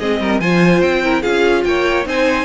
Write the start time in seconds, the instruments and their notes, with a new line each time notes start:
0.00 cello G#3, viola C4, violin G#4 D#5
0.21 cello G3, violin A#4
0.40 cello F3, viola F4, violin C5 G#5
0.82 cello C4, violin G5
1.04 viola E4, violin A#4
1.22 cello C#4, viola F4, violin G#4 F5
1.65 cello A#3, violin C#5 G5
2.05 cello C4, viola D#4, violin C5 G#5